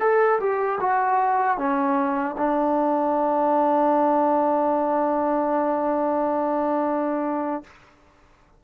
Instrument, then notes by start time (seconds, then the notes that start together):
trombone
0.00 A4
0.40 G4
0.80 F#4
1.58 C#4
2.38 D4